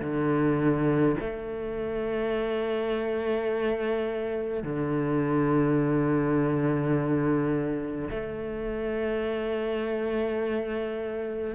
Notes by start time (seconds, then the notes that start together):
0.00 D3
1.20 A3
4.63 D3
8.10 A3